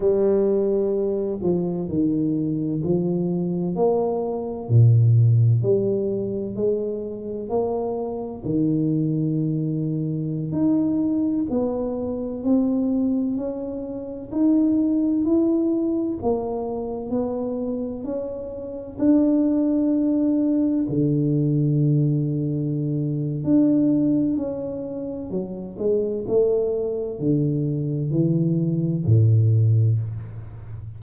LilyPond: \new Staff \with { instrumentName = "tuba" } { \time 4/4 \tempo 4 = 64 g4. f8 dis4 f4 | ais4 ais,4 g4 gis4 | ais4 dis2~ dis16 dis'8.~ | dis'16 b4 c'4 cis'4 dis'8.~ |
dis'16 e'4 ais4 b4 cis'8.~ | cis'16 d'2 d4.~ d16~ | d4 d'4 cis'4 fis8 gis8 | a4 d4 e4 a,4 | }